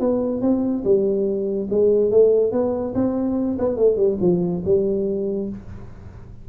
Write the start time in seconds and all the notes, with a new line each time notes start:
0.00 B3
0.42 C4
0.84 G3
1.71 G#3
2.11 A3
2.52 B3
2.95 C4
3.59 B3
3.77 A3
3.97 G3
4.21 F3
4.65 G3